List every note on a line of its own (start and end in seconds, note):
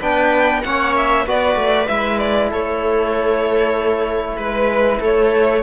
0.00 0.63 B3
0.00 0.63 D4
0.00 0.62 B4
0.00 0.63 G5
0.63 1.26 A#3
0.63 1.26 C#4
0.63 1.24 C#5
0.63 0.94 F#5
0.96 1.27 E5
1.24 1.55 B3
1.24 1.86 F#4
1.24 2.49 B4
1.24 1.88 D5
1.55 1.86 A3
1.86 2.51 G#3
1.86 5.61 E4
1.86 2.18 E5
2.18 2.49 D5
2.50 4.37 A3
2.50 4.37 A4
2.50 4.37 C#5
4.37 4.99 G#3
4.37 4.99 B4
4.37 5.00 B4
5.00 5.62 A3
5.00 5.62 A4
5.00 5.62 C#5